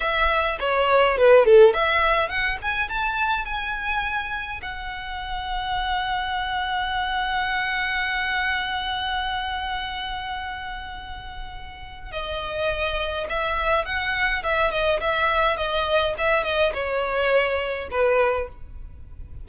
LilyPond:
\new Staff \with { instrumentName = "violin" } { \time 4/4 \tempo 4 = 104 e''4 cis''4 b'8 a'8 e''4 | fis''8 gis''8 a''4 gis''2 | fis''1~ | fis''1~ |
fis''1~ | fis''4 dis''2 e''4 | fis''4 e''8 dis''8 e''4 dis''4 | e''8 dis''8 cis''2 b'4 | }